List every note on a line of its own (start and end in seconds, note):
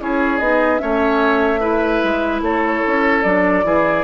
0.00 0.39 C#4
0.00 0.40 E4
0.00 0.81 G#4
0.00 0.38 C#5
0.38 0.80 B3
0.38 0.78 D#4
0.38 0.78 D#5
0.78 2.03 A3
0.78 1.59 C#4
0.78 1.60 C#5
0.78 2.40 E5
1.60 3.22 E4
1.60 2.41 B4
2.03 2.41 G#3
2.41 2.81 A3
2.41 3.65 A4
2.41 3.23 C#5
2.86 3.24 C#4
3.23 3.63 F#3
3.23 3.64 D4
3.23 4.03 D5
3.63 4.03 E3
3.63 4.03 E4
3.63 4.03 G#4